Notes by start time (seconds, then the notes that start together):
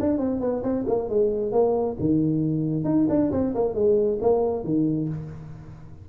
0.00 D4
0.18 C4
0.40 B3
0.63 C4
0.87 A#3
1.09 G#3
1.52 A#3
2.00 D#3
2.84 D#4
3.09 D4
3.32 C4
3.55 A#3
3.74 G#3
4.21 A#3
4.64 D#3